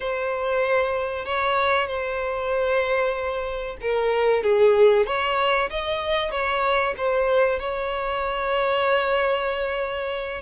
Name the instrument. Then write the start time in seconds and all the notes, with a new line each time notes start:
violin
0.00 C5
1.25 C#5
1.87 C5
3.81 A#4
4.43 G#4
5.06 C#5
5.70 D#5
6.31 C#5
6.97 C5
7.59 C#5